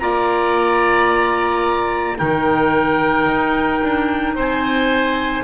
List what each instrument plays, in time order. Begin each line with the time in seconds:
0.00 double bass A#3, clarinet F4, oboe D5, trumpet A#5
2.18 double bass D#3, clarinet D#4, oboe A#4, trumpet G5
3.27 double bass D#4
3.83 double bass D4
4.35 double bass C4, oboe C5, trumpet G#5